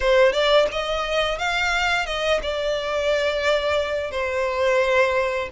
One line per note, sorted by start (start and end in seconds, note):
0.00 0.32 C5
0.32 0.66 D5
0.71 1.38 D#5
1.38 2.06 F5
2.06 2.40 D#5
2.42 4.11 D5
4.11 5.49 C5